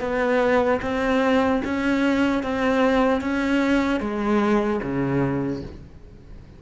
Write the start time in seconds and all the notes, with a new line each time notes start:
0.00 B3
0.81 C4
1.64 C#4
2.43 C4
3.21 C#4
4.00 G#3
4.82 C#3